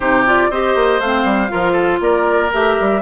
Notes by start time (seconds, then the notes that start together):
0.00 C3 D#4 G4 C5
0.26 F4 D5
0.50 C4 G4 C5 D#5
0.75 A#3
0.99 A3 C4 F5
1.23 G3
1.48 F3 F4 A#4
1.72 A4
2.00 A#3 A#4 D5
2.52 A3 G4 E5
2.79 G3